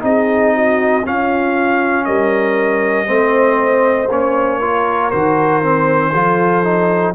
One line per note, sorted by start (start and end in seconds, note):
0.00 1.04 C4
0.00 1.02 D#4
0.00 0.55 G#4
0.00 1.06 D#5
0.55 1.06 F#4
1.05 3.07 C#4
1.05 2.07 C#4
1.05 2.06 F4
1.05 2.05 F5
2.05 3.08 G3
2.05 3.06 A#4
2.05 4.08 D#5
3.06 4.10 A3
3.06 4.08 C4
3.06 4.59 C5
4.10 5.12 A#3
4.10 4.61 C#4
4.10 5.10 C#5
4.59 5.11 F4
4.59 6.12 A#4
5.10 6.14 D#3
5.10 5.62 F#4
5.10 7.14 C5
5.62 6.13 C4
6.13 7.15 F3
6.13 6.63 F4
6.13 7.15 A4
6.63 7.14 D#4